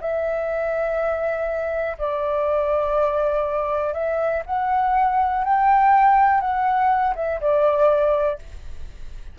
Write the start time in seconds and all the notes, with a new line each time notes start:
0.00 E5
1.98 D5
3.93 E5
4.45 F#5
5.44 G5
6.40 F#5
7.15 E5
7.40 D5